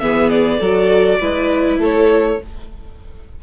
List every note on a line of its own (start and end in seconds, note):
0.00 0.60 E3
0.00 0.61 B3
0.00 0.60 G#4
0.00 0.29 E5
0.29 1.78 D5
0.60 1.20 F#3
0.60 1.21 F#4
0.60 1.19 A4
1.20 1.78 G#3
1.20 2.40 E4
1.20 1.80 B4
1.78 2.38 A3
1.78 2.40 A4
1.78 2.43 C#5